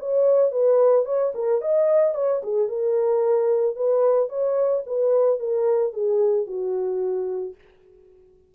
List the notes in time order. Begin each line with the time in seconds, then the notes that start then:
0.00 C#5
0.52 B4
1.06 C#5
1.35 A#4
1.62 D#5
2.15 C#5
2.43 G#4
2.69 A#4
3.76 B4
4.29 C#5
4.87 B4
5.40 A#4
5.93 G#4
6.47 F#4